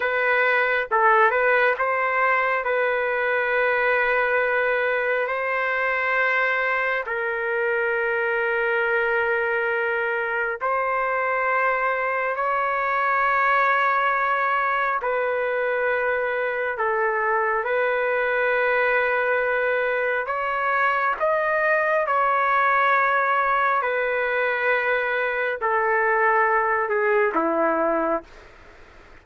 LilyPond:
\new Staff \with { instrumentName = "trumpet" } { \time 4/4 \tempo 4 = 68 b'4 a'8 b'8 c''4 b'4~ | b'2 c''2 | ais'1 | c''2 cis''2~ |
cis''4 b'2 a'4 | b'2. cis''4 | dis''4 cis''2 b'4~ | b'4 a'4. gis'8 e'4 | }